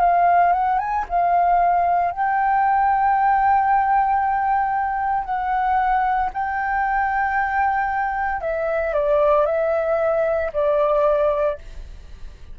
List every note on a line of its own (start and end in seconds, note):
0.00 0.53 F5
0.53 0.79 F#5
0.79 1.05 G#5
1.09 2.11 F5
2.11 5.24 G5
5.24 6.30 F#5
6.33 8.41 G5
8.41 8.94 E5
8.94 9.46 D5
9.46 10.51 E5
10.53 11.58 D5